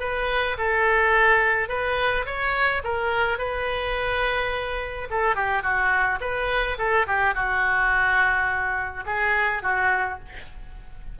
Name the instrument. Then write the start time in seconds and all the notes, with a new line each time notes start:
oboe
0.00 B4
0.58 A4
1.69 B4
2.26 C#5
2.84 A#4
3.38 B4
5.10 A4
5.35 G4
5.63 F#4
6.21 B4
6.78 A4
7.07 G4
7.35 F#4
9.06 G#4
9.63 F#4